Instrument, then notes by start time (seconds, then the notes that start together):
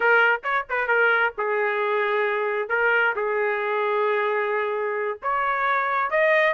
trumpet
0.00 A#4
0.43 C#5
0.69 B4
0.87 A#4
1.37 G#4
2.68 A#4
3.15 G#4
5.22 C#5
6.10 D#5